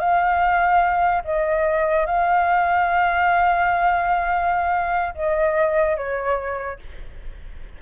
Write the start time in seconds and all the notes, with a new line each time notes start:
0.00 F5
1.25 D#5
2.07 F5
5.15 D#5
5.97 C#5